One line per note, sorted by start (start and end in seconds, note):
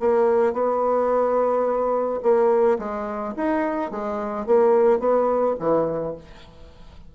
0.00 0.53 A#3
0.53 2.20 B3
2.23 2.78 A#3
2.79 3.34 G#3
3.37 3.91 D#4
3.91 4.46 G#3
4.46 4.99 A#3
4.99 5.55 B3
5.60 6.15 E3